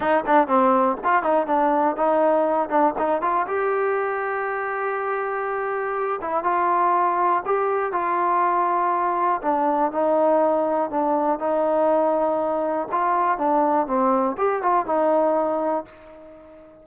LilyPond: \new Staff \with { instrumentName = "trombone" } { \time 4/4 \tempo 4 = 121 dis'8 d'8 c'4 f'8 dis'8 d'4 | dis'4. d'8 dis'8 f'8 g'4~ | g'1~ | g'8 e'8 f'2 g'4 |
f'2. d'4 | dis'2 d'4 dis'4~ | dis'2 f'4 d'4 | c'4 g'8 f'8 dis'2 | }